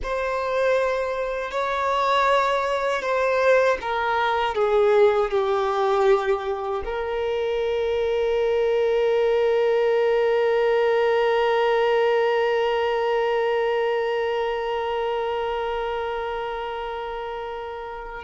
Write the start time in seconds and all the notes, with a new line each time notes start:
0.02 C5
1.51 C#5
3.01 C5
3.81 A#4
4.55 G#4
5.30 G4
6.84 A#4